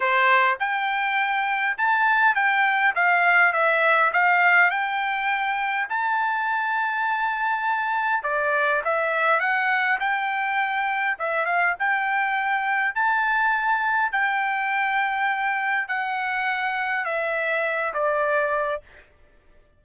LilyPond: \new Staff \with { instrumentName = "trumpet" } { \time 4/4 \tempo 4 = 102 c''4 g''2 a''4 | g''4 f''4 e''4 f''4 | g''2 a''2~ | a''2 d''4 e''4 |
fis''4 g''2 e''8 f''8 | g''2 a''2 | g''2. fis''4~ | fis''4 e''4. d''4. | }